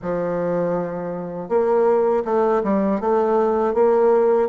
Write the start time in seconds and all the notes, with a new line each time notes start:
0.01 F3
1.48 A#3
2.25 A3
2.63 G3
3.00 A3
3.74 A#3